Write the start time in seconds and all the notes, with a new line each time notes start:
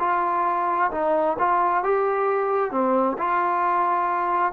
0.00 F4
0.92 D#4
1.39 F4
1.84 G4
2.72 C4
3.18 F4